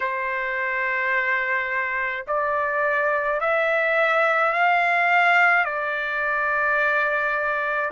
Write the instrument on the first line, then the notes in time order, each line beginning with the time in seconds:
trumpet
0.00 C5
2.27 D5
3.40 E5
4.52 F5
5.64 D5